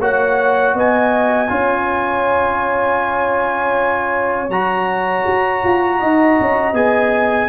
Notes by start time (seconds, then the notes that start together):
0.00 A#3 F#4 C#5 F#5
0.75 B3 D#5 G#5
1.49 C#4 F4 C#5
4.50 F#3 F#4 A#5
5.26 F#4
5.64 F4
5.99 D#4 D#5
6.41 C#4
6.73 B3 G#4 G#5